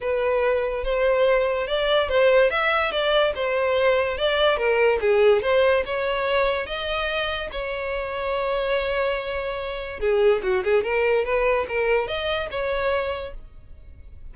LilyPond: \new Staff \with { instrumentName = "violin" } { \time 4/4 \tempo 4 = 144 b'2 c''2 | d''4 c''4 e''4 d''4 | c''2 d''4 ais'4 | gis'4 c''4 cis''2 |
dis''2 cis''2~ | cis''1 | gis'4 fis'8 gis'8 ais'4 b'4 | ais'4 dis''4 cis''2 | }